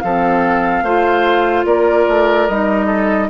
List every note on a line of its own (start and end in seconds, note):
0.00 0.83 F3
0.00 0.84 A4
0.00 1.64 F5
0.06 0.86 C4
0.83 1.65 A3
0.83 2.50 F4
0.83 1.66 C5
1.65 2.06 A#3
1.65 2.86 A#4
1.65 2.47 D5
2.08 2.49 A3
2.47 3.30 G3
2.47 3.30 D#4
2.47 3.30 D#5
2.86 3.27 A4